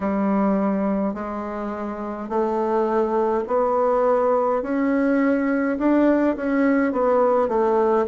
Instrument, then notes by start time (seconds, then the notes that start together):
bassoon
0.00 G3
1.14 G#3
2.29 A3
3.47 B3
4.62 C#4
5.78 D4
6.36 C#4
6.92 B3
7.48 A3